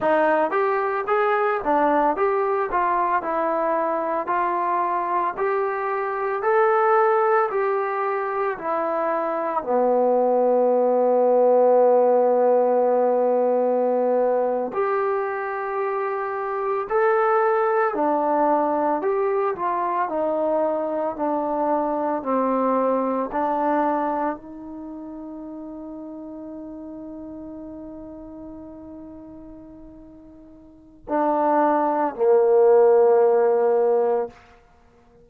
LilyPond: \new Staff \with { instrumentName = "trombone" } { \time 4/4 \tempo 4 = 56 dis'8 g'8 gis'8 d'8 g'8 f'8 e'4 | f'4 g'4 a'4 g'4 | e'4 b2.~ | b4.~ b16 g'2 a'16~ |
a'8. d'4 g'8 f'8 dis'4 d'16~ | d'8. c'4 d'4 dis'4~ dis'16~ | dis'1~ | dis'4 d'4 ais2 | }